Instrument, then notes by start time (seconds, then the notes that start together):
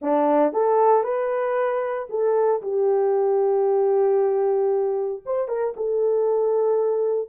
horn
0.01 D4
0.52 A4
1.03 B4
2.09 A4
2.61 G4
5.25 C5
5.48 A#4
5.76 A4